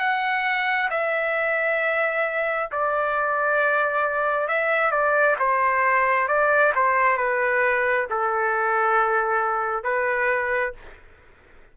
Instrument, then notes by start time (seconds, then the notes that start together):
trumpet
0.00 F#5
0.91 E5
2.72 D5
4.48 E5
4.91 D5
5.39 C5
6.28 D5
6.75 C5
7.18 B4
8.10 A4
9.84 B4